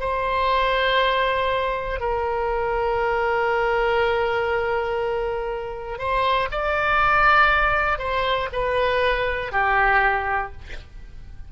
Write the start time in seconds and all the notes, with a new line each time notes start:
0.00 C5
2.00 A#4
5.98 C5
6.51 D5
7.98 C5
8.52 B4
9.52 G4